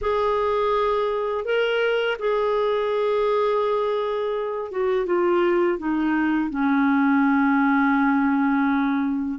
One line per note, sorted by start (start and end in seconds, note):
0.01 1.45 G#4
1.45 2.17 A#4
2.19 4.71 G#4
4.71 5.06 F#4
5.06 5.78 F4
5.78 6.50 D#4
6.50 9.39 C#4